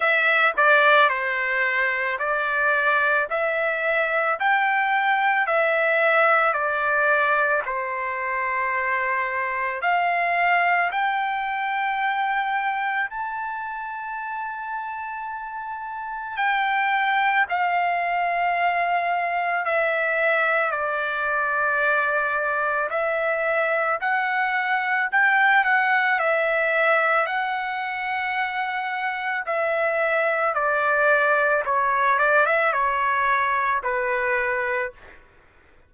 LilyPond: \new Staff \with { instrumentName = "trumpet" } { \time 4/4 \tempo 4 = 55 e''8 d''8 c''4 d''4 e''4 | g''4 e''4 d''4 c''4~ | c''4 f''4 g''2 | a''2. g''4 |
f''2 e''4 d''4~ | d''4 e''4 fis''4 g''8 fis''8 | e''4 fis''2 e''4 | d''4 cis''8 d''16 e''16 cis''4 b'4 | }